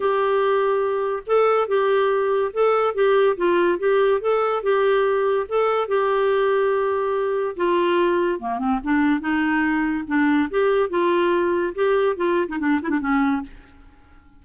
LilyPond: \new Staff \with { instrumentName = "clarinet" } { \time 4/4 \tempo 4 = 143 g'2. a'4 | g'2 a'4 g'4 | f'4 g'4 a'4 g'4~ | g'4 a'4 g'2~ |
g'2 f'2 | ais8 c'8 d'4 dis'2 | d'4 g'4 f'2 | g'4 f'8. dis'16 d'8 e'16 d'16 cis'4 | }